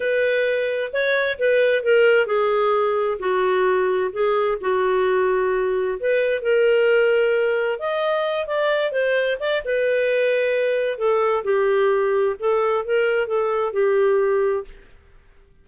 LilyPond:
\new Staff \with { instrumentName = "clarinet" } { \time 4/4 \tempo 4 = 131 b'2 cis''4 b'4 | ais'4 gis'2 fis'4~ | fis'4 gis'4 fis'2~ | fis'4 b'4 ais'2~ |
ais'4 dis''4. d''4 c''8~ | c''8 d''8 b'2. | a'4 g'2 a'4 | ais'4 a'4 g'2 | }